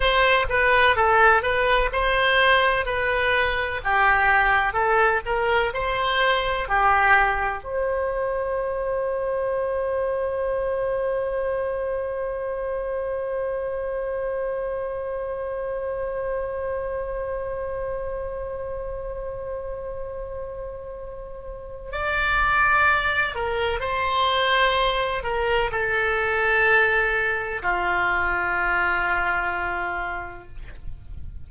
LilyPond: \new Staff \with { instrumentName = "oboe" } { \time 4/4 \tempo 4 = 63 c''8 b'8 a'8 b'8 c''4 b'4 | g'4 a'8 ais'8 c''4 g'4 | c''1~ | c''1~ |
c''1~ | c''2. d''4~ | d''8 ais'8 c''4. ais'8 a'4~ | a'4 f'2. | }